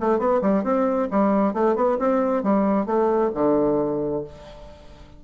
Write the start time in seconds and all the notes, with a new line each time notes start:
0.00 A3
0.19 B3
0.41 G3
0.63 C4
1.11 G3
1.53 A3
1.75 B3
1.99 C4
2.43 G3
2.86 A3
3.34 D3